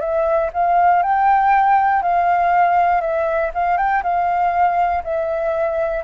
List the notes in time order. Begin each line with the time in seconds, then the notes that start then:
0.00 E5
0.53 F5
1.02 G5
2.02 F5
3.01 E5
3.54 F5
3.77 G5
4.03 F5
5.04 E5